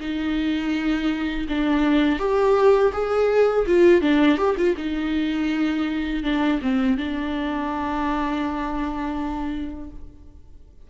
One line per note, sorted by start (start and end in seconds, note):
0.00 1.46 D#4
1.48 2.19 D4
2.19 2.92 G4
2.92 3.66 G#4
3.67 4.01 F4
4.01 4.38 D4
4.38 4.56 G4
4.57 4.76 F4
4.77 6.23 D#4
6.23 6.60 D4
6.62 6.97 C4
6.97 9.90 D4